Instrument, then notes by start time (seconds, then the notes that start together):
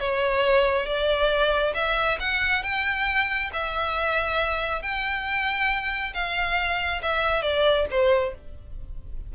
violin
0.00 C#5
0.86 D5
1.74 E5
2.20 F#5
2.63 G5
3.53 E5
4.82 G5
6.14 F5
7.02 E5
7.42 D5
7.91 C5